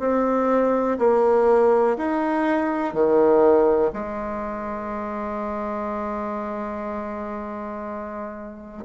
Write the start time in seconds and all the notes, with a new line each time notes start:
0.00 C4
0.99 A#3
1.98 D#4
2.94 D#3
3.93 G#3